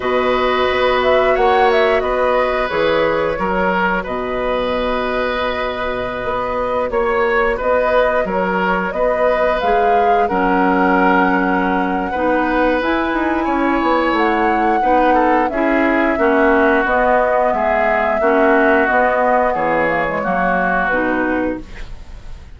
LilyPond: <<
  \new Staff \with { instrumentName = "flute" } { \time 4/4 \tempo 4 = 89 dis''4. e''8 fis''8 e''8 dis''4 | cis''2 dis''2~ | dis''2~ dis''16 cis''4 dis''8.~ | dis''16 cis''4 dis''4 f''4 fis''8.~ |
fis''2. gis''4~ | gis''4 fis''2 e''4~ | e''4 dis''4 e''2 | dis''4 cis''2 b'4 | }
  \new Staff \with { instrumentName = "oboe" } { \time 4/4 b'2 cis''4 b'4~ | b'4 ais'4 b'2~ | b'2~ b'16 cis''4 b'8.~ | b'16 ais'4 b'2 ais'8.~ |
ais'2 b'2 | cis''2 b'8 a'8 gis'4 | fis'2 gis'4 fis'4~ | fis'4 gis'4 fis'2 | }
  \new Staff \with { instrumentName = "clarinet" } { \time 4/4 fis'1 | gis'4 fis'2.~ | fis'1~ | fis'2~ fis'16 gis'4 cis'8.~ |
cis'2 dis'4 e'4~ | e'2 dis'4 e'4 | cis'4 b2 cis'4 | b4. ais16 gis16 ais4 dis'4 | }
  \new Staff \with { instrumentName = "bassoon" } { \time 4/4 b,4 b4 ais4 b4 | e4 fis4 b,2~ | b,4~ b,16 b4 ais4 b8.~ | b16 fis4 b4 gis4 fis8.~ |
fis2 b4 e'8 dis'8 | cis'8 b8 a4 b4 cis'4 | ais4 b4 gis4 ais4 | b4 e4 fis4 b,4 | }
>>